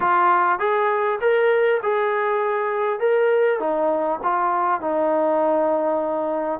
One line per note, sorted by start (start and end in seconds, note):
0.00 0.59 F4
0.59 1.19 G#4
1.20 1.80 A#4
1.82 2.99 G#4
2.99 3.59 A#4
3.59 4.19 D#4
4.23 4.80 F4
4.80 6.60 D#4